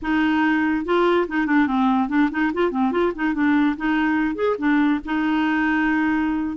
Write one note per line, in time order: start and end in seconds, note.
0.02 0.85 D#4
0.85 1.27 F4
1.28 1.46 D#4
1.46 1.67 D4
1.67 2.08 C4
2.08 2.29 D4
2.31 2.52 D#4
2.53 2.71 F4
2.71 2.91 C4
2.91 3.12 F4
3.15 3.34 D#4
3.34 3.75 D4
3.76 4.35 D#4
4.35 4.56 G#4
4.58 5.00 D4
5.05 6.56 D#4